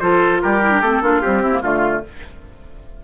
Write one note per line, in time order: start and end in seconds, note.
0.00 0.42 F3
0.00 0.61 F4
0.00 0.42 A4
0.00 0.40 C5
0.42 0.82 G3
0.42 1.03 G4
0.42 0.81 A#4
0.62 0.71 E4
0.71 0.81 D4
0.81 1.01 A3
0.81 1.02 C4
0.81 1.22 A4
1.01 1.21 A#3
1.01 1.22 D4
1.01 1.42 F4
1.22 1.43 G3
1.22 1.62 C4
1.22 1.62 G4
1.42 1.52 C4
1.42 1.62 E4
1.52 1.62 A#3
1.62 2.03 D3
1.62 2.03 A3
1.62 2.02 F4
1.62 2.04 F4